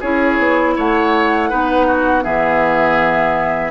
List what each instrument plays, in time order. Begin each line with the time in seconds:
0.00 bassoon C#4, clarinet E4, oboe G#4, flute C#5
0.38 bassoon B3
0.76 bassoon A3, oboe C#5, flute F#5
1.49 bassoon B3, clarinet D#4, oboe B4
1.87 oboe F#4
2.22 bassoon E3, clarinet B3, oboe G#4, flute E5